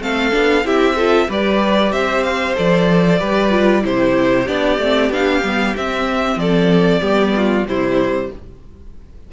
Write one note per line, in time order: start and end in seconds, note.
0.00 0.32 A3
0.00 0.32 C4
0.00 0.66 A4
0.00 0.67 F5
0.32 0.64 B3
0.32 0.64 D4
0.64 1.28 C4
0.64 0.96 E4
0.64 0.96 G4
0.64 1.31 E5
0.96 1.29 F4
0.96 1.28 A4
1.29 1.92 G3
1.29 2.56 G4
1.29 1.93 B4
1.29 1.93 D5
1.92 2.56 C4
1.92 3.20 C5
1.92 2.24 E5
2.24 2.56 F5
2.56 3.21 F3
2.56 3.19 A4
2.56 3.85 D5
3.19 3.85 G3
3.19 3.51 G4
3.19 3.84 B4
3.51 3.83 F4
3.83 4.48 C3
3.83 4.46 E4
3.83 6.41 G4
3.83 4.48 C5
4.47 4.79 B3
4.47 4.79 D4
4.47 5.12 D5
4.79 5.10 A3
4.79 5.12 C4
5.10 5.42 B3
5.10 5.43 D4
5.10 5.77 F5
5.43 5.75 G3
5.43 5.76 B3
5.77 6.37 C4
5.77 7.02 C4
5.77 6.39 E5
6.37 7.00 F3
6.37 7.02 A4
6.37 7.67 D5
7.02 7.66 G3
7.02 7.66 B3
7.02 7.34 G4
7.37 7.68 F4
7.66 8.30 C3
7.66 8.33 G3
7.66 8.32 E4
7.66 8.32 C5